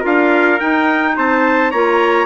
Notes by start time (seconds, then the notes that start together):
0.00 D4 F4 A#4 F5
0.59 D#4 G5
1.16 C4 C5 A5
1.71 A#3 F4 C#5 A#5